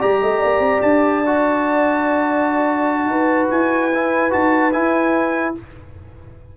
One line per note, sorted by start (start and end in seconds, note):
0.00 0.23 G3
0.00 1.24 G4
0.00 0.21 D5
0.00 0.82 A#5
0.22 0.43 A3
0.22 0.41 D#5
0.41 0.60 A#3
0.41 3.08 D5
0.60 0.81 C4
0.82 3.07 D4
0.82 3.49 A5
1.26 3.93 F#4
3.07 3.48 D#4
3.07 5.57 B4
3.51 4.34 E4
3.51 4.33 G#5
3.95 4.31 E4
4.31 4.75 D#4
4.31 4.72 F#4
4.31 4.73 A5
4.73 5.55 E4
4.73 5.57 E4
4.73 5.55 G#5